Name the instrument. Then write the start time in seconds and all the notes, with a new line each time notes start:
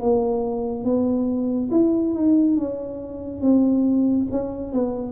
tuba
0.00 A#3
0.84 B3
1.71 E4
2.14 D#4
2.57 C#4
3.41 C4
4.31 C#4
4.73 B3